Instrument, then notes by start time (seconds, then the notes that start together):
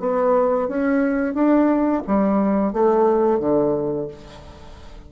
bassoon
0.00 B3
0.68 C#4
1.35 D4
2.07 G3
2.73 A3
3.40 D3